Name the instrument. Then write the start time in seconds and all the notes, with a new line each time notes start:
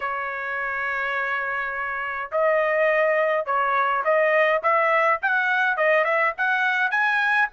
trumpet
0.00 C#5
2.31 D#5
3.45 C#5
4.04 D#5
4.62 E5
5.22 F#5
5.76 D#5
6.04 E5
6.37 F#5
6.90 G#5